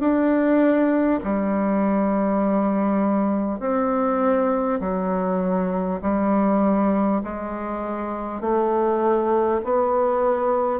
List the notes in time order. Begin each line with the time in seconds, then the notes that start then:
0.00 D4
1.24 G3
3.60 C4
4.81 F#3
6.02 G3
7.24 G#3
8.41 A3
9.64 B3